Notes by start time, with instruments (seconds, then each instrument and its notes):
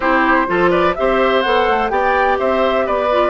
0.00 bassoon C4, clarinet E4, oboe G4, flute C5
0.47 bassoon F3, clarinet F4, oboe A4
0.70 oboe B4, flute D5
0.94 bassoon C4, clarinet G4, oboe C5, flute E5
1.41 bassoon B3, clarinet A4, flute F#5
1.68 bassoon A3
1.89 bassoon B3, clarinet G4, oboe D5, flute G5
2.38 bassoon C4, oboe C5, flute E5
2.86 bassoon B3, oboe B4, flute D5
3.11 clarinet F4